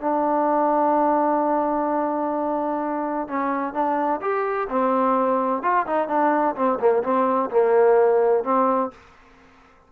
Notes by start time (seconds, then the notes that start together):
0.00 D4
3.28 C#4
3.73 D4
4.21 G4
4.69 C4
5.62 F4
5.86 D#4
6.08 D4
6.55 C4
6.79 A#3
7.03 C4
7.50 A#3
8.43 C4